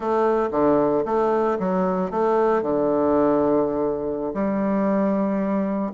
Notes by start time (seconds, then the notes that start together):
0.00 A3
0.51 D3
1.05 A3
1.59 F#3
2.10 A3
2.62 D3
4.34 G3